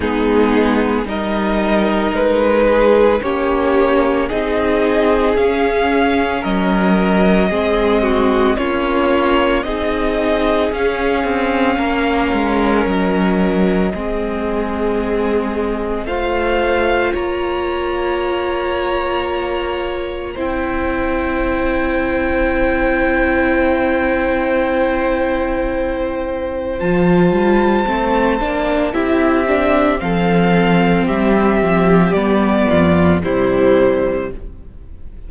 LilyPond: <<
  \new Staff \with { instrumentName = "violin" } { \time 4/4 \tempo 4 = 56 gis'4 dis''4 b'4 cis''4 | dis''4 f''4 dis''2 | cis''4 dis''4 f''2 | dis''2. f''4 |
ais''2. g''4~ | g''1~ | g''4 a''2 e''4 | f''4 e''4 d''4 c''4 | }
  \new Staff \with { instrumentName = "violin" } { \time 4/4 dis'4 ais'4. gis'8 g'4 | gis'2 ais'4 gis'8 fis'8 | f'4 gis'2 ais'4~ | ais'4 gis'2 c''4 |
cis''2. c''4~ | c''1~ | c''2. g'4 | a'4 g'4. f'8 e'4 | }
  \new Staff \with { instrumentName = "viola" } { \time 4/4 b4 dis'2 cis'4 | dis'4 cis'2 c'4 | cis'4 dis'4 cis'2~ | cis'4 c'2 f'4~ |
f'2. e'4~ | e'1~ | e'4 f'4 c'8 d'8 e'8 d'8 | c'2 b4 g4 | }
  \new Staff \with { instrumentName = "cello" } { \time 4/4 gis4 g4 gis4 ais4 | c'4 cis'4 fis4 gis4 | ais4 c'4 cis'8 c'8 ais8 gis8 | fis4 gis2 a4 |
ais2. c'4~ | c'1~ | c'4 f8 g8 a8 ais8 c'4 | f4 g8 f8 g8 f,8 c4 | }
>>